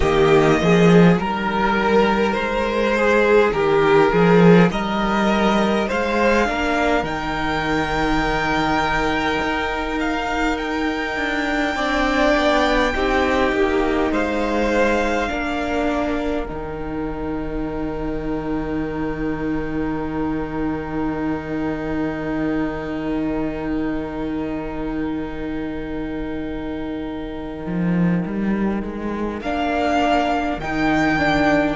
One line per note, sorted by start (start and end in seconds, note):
0.00 0.60 D#3
0.00 1.16 A#3
0.00 0.57 G4
0.00 1.15 D#5
0.60 1.18 F3
0.60 1.21 G#4
1.16 2.36 G3
1.16 6.45 D#4
1.16 2.32 A#4
1.16 2.97 A#4
2.32 3.52 G#3
2.32 3.50 C5
2.97 3.54 G#4
3.52 4.11 D#3
3.52 4.12 G4
3.52 4.69 A#4
4.12 4.70 F3
4.12 4.71 G#4
4.70 5.87 G3
4.70 5.87 A#4
4.70 5.89 D#5
5.87 6.48 G#3
5.87 6.46 C5
5.87 7.04 F5
6.45 7.02 A#3
6.45 7.03 D4
6.45 11.75 A#4
7.02 9.37 D#3
7.02 11.76 D#4
7.02 9.98 G5
9.42 11.16 D#4
10.00 10.57 F5
10.57 14.10 G5
11.16 11.75 D4
11.75 12.34 C4
11.75 12.94 D4
11.75 12.93 D5
12.36 12.94 B3
12.94 13.52 C4
12.94 15.27 D#4
12.94 14.12 G4
13.52 14.10 A#3
14.10 15.28 G#3
14.10 15.29 C5
14.10 16.45 F5
15.27 16.49 A#3
15.27 16.45 D4
15.27 31.76 A#4
16.45 27.65 D#3
16.45 29.42 D#4
16.45 29.39 G5
27.65 28.24 F3
28.25 28.82 G3
28.82 29.41 G#3
29.41 30.57 A#3
29.41 30.61 D4
29.41 30.59 F5
30.57 31.75 D#3
30.57 31.18 D#4
30.57 31.76 G5
31.18 31.76 D4